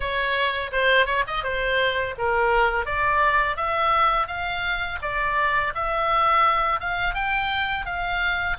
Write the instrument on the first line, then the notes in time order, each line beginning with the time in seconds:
oboe
0.00 C#5
0.72 C5
1.06 C#5
1.27 D#5
1.43 C5
2.18 A#4
2.85 D5
3.56 E5
4.27 F5
5.02 D5
5.74 E5
6.80 F5
7.14 G5
7.85 F5